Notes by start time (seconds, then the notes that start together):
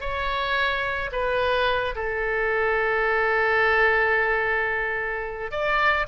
0.00 C#5
1.12 B4
1.95 A4
5.51 D5